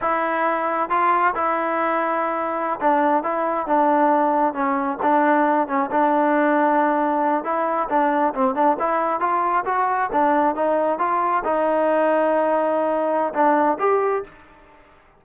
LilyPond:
\new Staff \with { instrumentName = "trombone" } { \time 4/4 \tempo 4 = 135 e'2 f'4 e'4~ | e'2~ e'16 d'4 e'8.~ | e'16 d'2 cis'4 d'8.~ | d'8. cis'8 d'2~ d'8.~ |
d'8. e'4 d'4 c'8 d'8 e'16~ | e'8. f'4 fis'4 d'4 dis'16~ | dis'8. f'4 dis'2~ dis'16~ | dis'2 d'4 g'4 | }